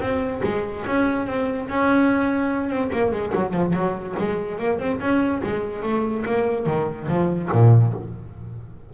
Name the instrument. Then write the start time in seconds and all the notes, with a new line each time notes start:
double bass
0.00 C4
0.44 G#3
0.87 C#4
1.27 C4
1.69 C#4
2.70 C4
2.92 A#3
3.12 G#3
3.35 F#3
3.54 F3
3.73 F#3
4.18 G#3
4.59 A#3
4.79 C4
5.00 C#4
5.43 G#3
5.83 A3
6.26 A#3
6.66 D#3
7.08 F3
7.52 A#2